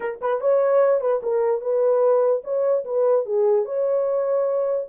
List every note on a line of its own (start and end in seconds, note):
0.00 0.20 A#4
0.21 0.41 B4
0.41 1.00 C#5
1.00 1.21 B4
1.22 1.61 A#4
1.61 2.42 B4
2.43 2.84 C#5
2.85 3.25 B4
3.25 3.65 G#4
3.65 4.86 C#5